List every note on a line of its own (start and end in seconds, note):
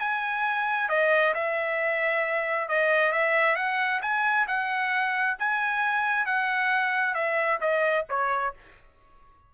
0.00 0.89 G#5
0.89 1.34 D#5
1.35 2.69 E5
2.69 3.13 D#5
3.13 3.56 E5
3.56 4.01 F#5
4.02 4.47 G#5
4.48 5.37 F#5
5.40 6.26 G#5
6.26 7.15 F#5
7.15 7.60 E5
7.61 8.06 D#5
8.10 8.55 C#5